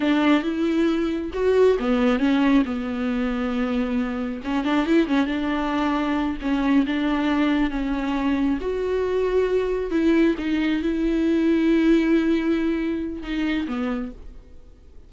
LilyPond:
\new Staff \with { instrumentName = "viola" } { \time 4/4 \tempo 4 = 136 d'4 e'2 fis'4 | b4 cis'4 b2~ | b2 cis'8 d'8 e'8 cis'8 | d'2~ d'8 cis'4 d'8~ |
d'4. cis'2 fis'8~ | fis'2~ fis'8 e'4 dis'8~ | dis'8 e'2.~ e'8~ | e'2 dis'4 b4 | }